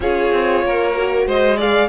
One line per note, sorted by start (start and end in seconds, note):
0.00 0.31 C#4
0.00 0.94 F4
0.00 0.64 G#4
0.00 1.27 C#5
0.31 0.62 C4
0.63 1.26 A#3
0.63 1.27 A#4
0.94 1.58 F#4
1.26 1.88 G#3
1.26 1.57 C5
1.26 1.59 D#5
1.57 1.88 G#4
1.57 1.88 D5
1.57 1.88 F5